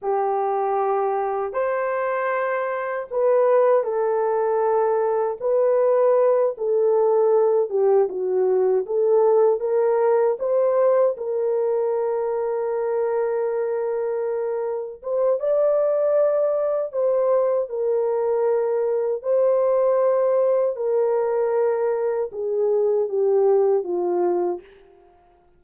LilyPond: \new Staff \with { instrumentName = "horn" } { \time 4/4 \tempo 4 = 78 g'2 c''2 | b'4 a'2 b'4~ | b'8 a'4. g'8 fis'4 a'8~ | a'8 ais'4 c''4 ais'4.~ |
ais'2.~ ais'8 c''8 | d''2 c''4 ais'4~ | ais'4 c''2 ais'4~ | ais'4 gis'4 g'4 f'4 | }